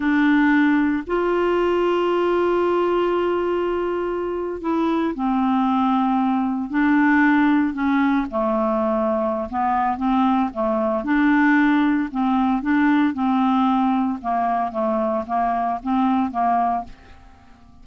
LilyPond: \new Staff \with { instrumentName = "clarinet" } { \time 4/4 \tempo 4 = 114 d'2 f'2~ | f'1~ | f'8. e'4 c'2~ c'16~ | c'8. d'2 cis'4 a16~ |
a2 b4 c'4 | a4 d'2 c'4 | d'4 c'2 ais4 | a4 ais4 c'4 ais4 | }